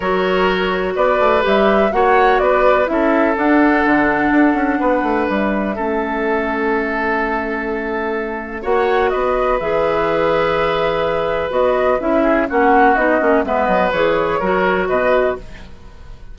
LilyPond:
<<
  \new Staff \with { instrumentName = "flute" } { \time 4/4 \tempo 4 = 125 cis''2 d''4 e''4 | fis''4 d''4 e''4 fis''4~ | fis''2. e''4~ | e''1~ |
e''2 fis''4 dis''4 | e''1 | dis''4 e''4 fis''4 dis''4 | e''8 dis''8 cis''2 dis''4 | }
  \new Staff \with { instrumentName = "oboe" } { \time 4/4 ais'2 b'2 | cis''4 b'4 a'2~ | a'2 b'2 | a'1~ |
a'2 cis''4 b'4~ | b'1~ | b'4. gis'8 fis'2 | b'2 ais'4 b'4 | }
  \new Staff \with { instrumentName = "clarinet" } { \time 4/4 fis'2. g'4 | fis'2 e'4 d'4~ | d'1 | cis'1~ |
cis'2 fis'2 | gis'1 | fis'4 e'4 cis'4 dis'8 cis'8 | b4 gis'4 fis'2 | }
  \new Staff \with { instrumentName = "bassoon" } { \time 4/4 fis2 b8 a8 g4 | ais4 b4 cis'4 d'4 | d4 d'8 cis'8 b8 a8 g4 | a1~ |
a2 ais4 b4 | e1 | b4 cis'4 ais4 b8 ais8 | gis8 fis8 e4 fis4 b,4 | }
>>